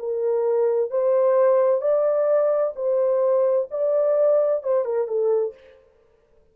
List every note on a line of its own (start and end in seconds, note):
0.00 0.91 A#4
0.91 1.82 C5
1.82 2.74 D5
2.76 3.68 C5
3.71 4.64 D5
4.64 4.85 C5
4.85 5.08 A#4
5.08 5.54 A4